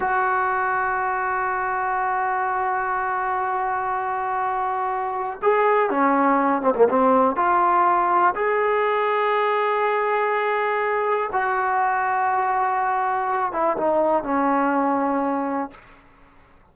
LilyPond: \new Staff \with { instrumentName = "trombone" } { \time 4/4 \tempo 4 = 122 fis'1~ | fis'1~ | fis'2. gis'4 | cis'4. c'16 ais16 c'4 f'4~ |
f'4 gis'2.~ | gis'2. fis'4~ | fis'2.~ fis'8 e'8 | dis'4 cis'2. | }